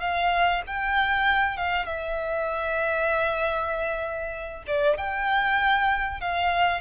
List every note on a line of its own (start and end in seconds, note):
0.00 0.62 F5
0.66 1.56 G5
1.56 1.85 F5
1.85 4.64 E5
4.67 4.97 D5
4.97 6.20 G5
6.20 6.81 F5